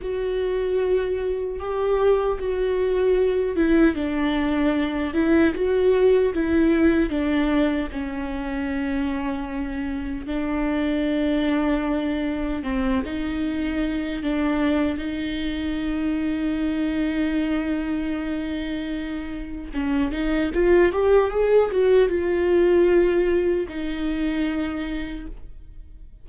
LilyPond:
\new Staff \with { instrumentName = "viola" } { \time 4/4 \tempo 4 = 76 fis'2 g'4 fis'4~ | fis'8 e'8 d'4. e'8 fis'4 | e'4 d'4 cis'2~ | cis'4 d'2. |
c'8 dis'4. d'4 dis'4~ | dis'1~ | dis'4 cis'8 dis'8 f'8 g'8 gis'8 fis'8 | f'2 dis'2 | }